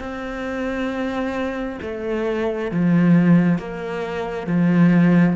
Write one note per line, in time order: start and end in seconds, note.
0.00 1.79 C4
1.82 2.72 A3
2.72 3.59 F3
3.59 4.47 A#3
4.47 5.36 F3